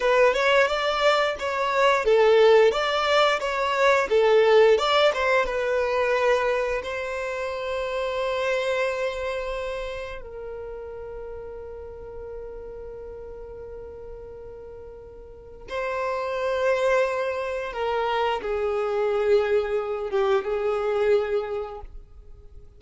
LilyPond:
\new Staff \with { instrumentName = "violin" } { \time 4/4 \tempo 4 = 88 b'8 cis''8 d''4 cis''4 a'4 | d''4 cis''4 a'4 d''8 c''8 | b'2 c''2~ | c''2. ais'4~ |
ais'1~ | ais'2. c''4~ | c''2 ais'4 gis'4~ | gis'4. g'8 gis'2 | }